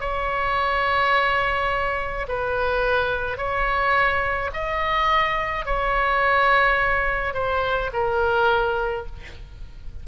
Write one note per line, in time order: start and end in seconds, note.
0.00 2.26 C#5
2.28 3.37 B4
3.37 4.50 C#5
4.53 5.65 D#5
5.65 7.33 C#5
7.33 7.90 C5
7.92 9.06 A#4